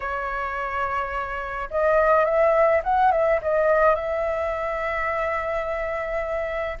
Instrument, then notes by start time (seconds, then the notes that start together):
flute
0.00 C#5
1.70 D#5
2.25 E5
2.83 F#5
3.11 E5
3.42 D#5
3.95 E5